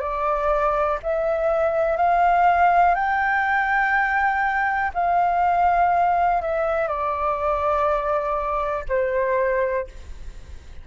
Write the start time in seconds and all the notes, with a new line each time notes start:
0.00 D5
1.03 E5
1.97 F5
2.95 G5
4.94 F5
6.42 E5
6.88 D5
8.89 C5